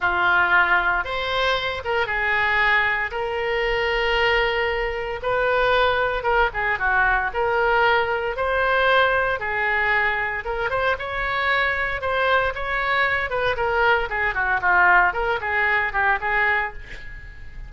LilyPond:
\new Staff \with { instrumentName = "oboe" } { \time 4/4 \tempo 4 = 115 f'2 c''4. ais'8 | gis'2 ais'2~ | ais'2 b'2 | ais'8 gis'8 fis'4 ais'2 |
c''2 gis'2 | ais'8 c''8 cis''2 c''4 | cis''4. b'8 ais'4 gis'8 fis'8 | f'4 ais'8 gis'4 g'8 gis'4 | }